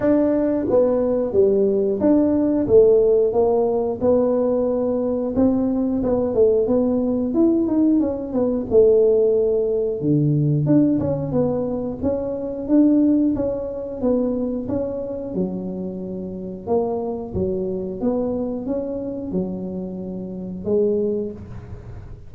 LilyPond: \new Staff \with { instrumentName = "tuba" } { \time 4/4 \tempo 4 = 90 d'4 b4 g4 d'4 | a4 ais4 b2 | c'4 b8 a8 b4 e'8 dis'8 | cis'8 b8 a2 d4 |
d'8 cis'8 b4 cis'4 d'4 | cis'4 b4 cis'4 fis4~ | fis4 ais4 fis4 b4 | cis'4 fis2 gis4 | }